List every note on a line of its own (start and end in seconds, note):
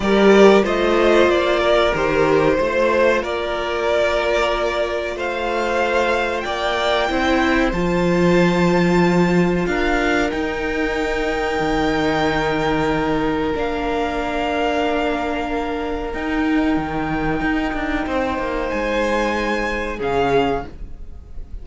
0.00 0.62 G3
0.00 0.63 G4
0.00 0.64 A#4
0.00 0.62 D5
0.63 1.27 A3
0.63 1.92 F4
0.63 1.59 C5
0.63 1.29 D#5
1.27 1.92 A#3
1.27 1.94 D5
1.59 2.56 A#4
1.93 2.58 D#3
1.93 2.57 G4
1.93 3.23 C5
2.57 3.22 A3
2.57 7.08 F4
2.57 3.22 C5
3.22 5.15 A#3
3.22 5.15 A#4
3.22 5.17 D5
5.15 6.44 A3
5.15 6.44 C5
5.15 6.40 F5
6.40 7.09 A#3
6.40 7.09 D5
6.40 7.69 G5
7.08 7.72 C4
7.08 7.73 E4
7.08 9.68 C5
7.72 9.65 F3
7.72 10.30 F4
7.72 9.65 A5
9.65 10.31 D4
9.65 18.06 A#4
9.65 10.30 F5
10.30 13.53 D#4
10.30 11.60 D#4
10.30 13.53 G5
11.60 13.53 D#3
13.54 16.13 A#3
13.54 16.12 D4
13.54 16.13 F5
16.13 16.76 D#4
16.13 19.97 D#4
16.13 18.69 G5
16.76 17.40 D#3
17.40 17.73 D#4
17.73 18.06 D4
18.06 18.38 C4
18.06 19.97 C5
18.38 18.70 A#3
18.69 19.99 G#3
18.69 19.98 G#5
19.97 20.64 C#3
19.97 20.62 C#4
19.97 20.61 G#4
19.97 20.66 F5